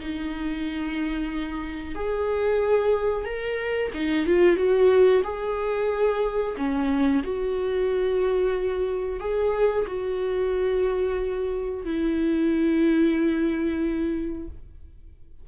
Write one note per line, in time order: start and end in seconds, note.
0.00 1.95 D#4
1.95 3.25 G#4
3.25 3.91 A#4
3.94 4.26 D#4
4.26 4.56 F4
4.56 5.22 F#4
5.24 6.56 G#4
6.57 7.23 C#4
7.24 9.20 F#4
9.20 9.86 G#4
9.87 11.85 F#4
11.85 14.48 E4